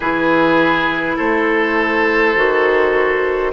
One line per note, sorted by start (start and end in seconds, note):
0.00 1.17 E3
0.00 2.36 E4
0.00 1.16 G#4
0.00 1.17 B4
1.16 2.36 A3
1.16 3.51 A4
1.16 3.52 C5
2.36 3.52 D#3
2.36 3.52 F#4